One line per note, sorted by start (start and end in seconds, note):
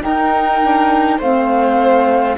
0.00 0.59 D#4
0.00 1.19 D#4
0.00 1.18 A#4
0.00 1.20 G5
0.61 1.20 D4
1.18 2.37 A3
1.18 2.37 C4
1.18 2.36 C5
1.18 2.37 F5